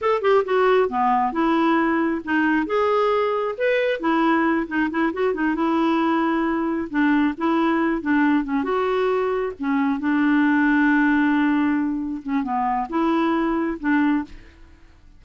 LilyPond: \new Staff \with { instrumentName = "clarinet" } { \time 4/4 \tempo 4 = 135 a'8 g'8 fis'4 b4 e'4~ | e'4 dis'4 gis'2 | b'4 e'4. dis'8 e'8 fis'8 | dis'8 e'2. d'8~ |
d'8 e'4. d'4 cis'8 fis'8~ | fis'4. cis'4 d'4.~ | d'2.~ d'8 cis'8 | b4 e'2 d'4 | }